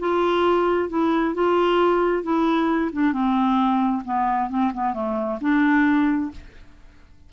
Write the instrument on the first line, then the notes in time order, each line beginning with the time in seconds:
clarinet
0.00 F4
0.89 E4
1.35 F4
2.24 E4
2.93 D4
3.13 C4
4.05 B3
4.50 C4
4.74 B3
4.94 A3
5.41 D4